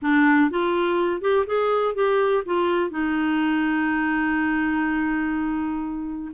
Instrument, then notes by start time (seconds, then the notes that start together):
clarinet
0.02 D4
0.50 F4
1.21 G4
1.46 G#4
1.94 G4
2.45 F4
2.90 D#4